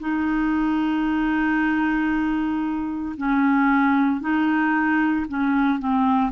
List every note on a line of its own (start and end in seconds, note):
0.00 3.16 D#4
3.17 4.21 C#4
4.21 5.26 D#4
5.29 5.79 C#4
5.79 6.32 C4